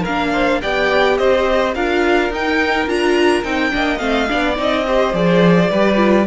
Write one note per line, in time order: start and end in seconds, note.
0.00 0.62 A#3
0.00 0.28 A#4
0.00 0.61 F5
0.07 0.62 D4
0.32 0.60 C5
0.62 1.19 B3
0.62 1.75 G4
0.62 1.18 D5
0.62 1.17 G5
1.17 1.75 C4
1.17 1.75 C5
1.17 1.74 D#5
1.75 2.29 D4
1.75 2.32 F4
1.75 3.73 A#4
1.75 2.31 F5
2.29 2.86 D#4
2.29 2.87 D#4
2.29 2.88 G5
2.86 3.43 D4
2.86 3.43 F4
2.86 3.43 A#5
3.43 3.72 C4
3.43 3.70 D#4
3.43 3.98 G5
3.70 4.00 A#3
3.70 3.99 D4
3.70 4.30 D#5
3.98 4.28 A3
3.98 4.27 C4
3.98 4.54 F5
4.28 4.58 B3
4.28 4.55 D4
4.28 4.86 D5
4.55 5.13 C4
4.55 4.84 D#4
4.61 5.15 D#5
4.87 5.13 G4
4.87 5.70 C5
5.13 5.70 F3
5.13 5.69 G#4
5.13 6.26 D5
5.70 6.26 G3
5.70 5.96 G4
5.70 6.26 B4
5.96 6.24 F4